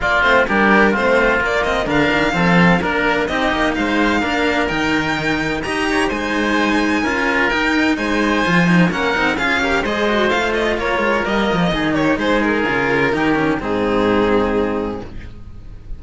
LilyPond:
<<
  \new Staff \with { instrumentName = "violin" } { \time 4/4 \tempo 4 = 128 d''8 c''8 ais'4 c''4 d''8 dis''8 | f''2 ais'4 dis''4 | f''2 g''2 | ais''4 gis''2. |
g''4 gis''2 fis''4 | f''4 dis''4 f''8 dis''8 cis''4 | dis''4. cis''8 c''8 ais'4.~ | ais'4 gis'2. | }
  \new Staff \with { instrumentName = "oboe" } { \time 4/4 f'4 g'4 f'2 | ais'4 a'4 ais'4 g'4 | c''4 ais'2. | dis''8 cis''8 c''2 ais'4~ |
ais'4 c''2 ais'4 | gis'8 ais'8 c''2 ais'4~ | ais'4 gis'8 g'8 gis'2 | g'4 dis'2. | }
  \new Staff \with { instrumentName = "cello" } { \time 4/4 ais8 c'8 d'4 c'4 ais8 c'8 | d'4 c'4 d'4 dis'4~ | dis'4 d'4 dis'2 | g'4 dis'2 f'4 |
dis'2 f'8 dis'8 cis'8 dis'8 | f'8 g'8 gis'8 fis'8 f'2 | ais4 dis'2 f'4 | dis'8 cis'8 c'2. | }
  \new Staff \with { instrumentName = "cello" } { \time 4/4 ais8 a8 g4 a4 ais4 | d8 dis8 f4 ais4 c'8 ais8 | gis4 ais4 dis2 | dis'4 gis2 cis'4 |
dis'4 gis4 f4 ais8 c'8 | cis'4 gis4 a4 ais8 gis8 | g8 f8 dis4 gis4 cis4 | dis4 gis,2. | }
>>